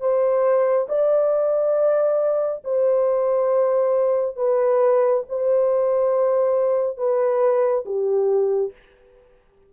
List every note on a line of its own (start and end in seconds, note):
0.00 0.87 C5
0.89 2.62 D5
2.64 4.36 C5
4.36 5.23 B4
5.29 6.97 C5
6.97 7.84 B4
7.85 8.72 G4